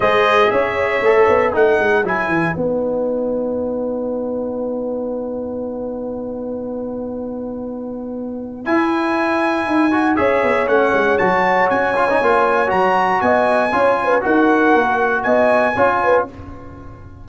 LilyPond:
<<
  \new Staff \with { instrumentName = "trumpet" } { \time 4/4 \tempo 4 = 118 dis''4 e''2 fis''4 | gis''4 fis''2.~ | fis''1~ | fis''1~ |
fis''4 gis''2. | e''4 fis''4 a''4 gis''4~ | gis''4 ais''4 gis''2 | fis''2 gis''2 | }
  \new Staff \with { instrumentName = "horn" } { \time 4/4 c''4 cis''2 b'4~ | b'1~ | b'1~ | b'1~ |
b'1 | cis''1~ | cis''2 dis''4 cis''8 b'8 | ais'2 dis''4 cis''8 b'8 | }
  \new Staff \with { instrumentName = "trombone" } { \time 4/4 gis'2 a'4 dis'4 | e'4 dis'2.~ | dis'1~ | dis'1~ |
dis'4 e'2~ e'8 fis'8 | gis'4 cis'4 fis'4. f'16 dis'16 | f'4 fis'2 f'4 | fis'2. f'4 | }
  \new Staff \with { instrumentName = "tuba" } { \time 4/4 gis4 cis'4 a8 b8 a8 gis8 | fis8 e8 b2.~ | b1~ | b1~ |
b4 e'2 dis'4 | cis'8 b8 a8 gis8 fis4 cis'4 | ais4 fis4 b4 cis'4 | dis'4 ais4 b4 cis'4 | }
>>